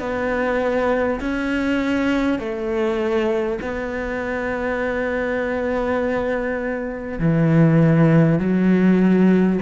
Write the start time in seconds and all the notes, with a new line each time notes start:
0.00 B3
1.21 C#4
2.39 A3
3.62 B3
7.19 E3
8.39 F#3